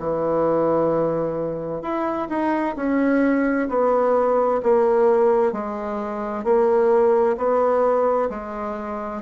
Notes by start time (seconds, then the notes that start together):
0.00 E3
1.82 E4
2.30 D#4
2.77 C#4
3.69 B3
4.63 A#3
5.53 G#3
6.44 A#3
7.37 B3
8.30 G#3